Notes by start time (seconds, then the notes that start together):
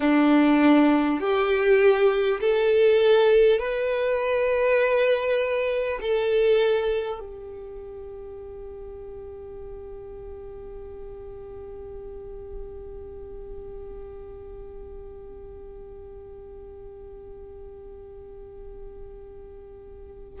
0.00 D4
1.20 G4
2.40 A4
3.59 B4
6.01 A4
7.19 G4